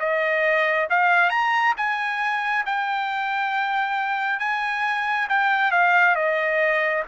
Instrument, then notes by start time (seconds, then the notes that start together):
trumpet
0.00 D#5
0.90 F5
1.30 A#5
1.77 G#5
2.66 G5
4.40 G#5
5.29 G5
5.72 F5
6.16 D#5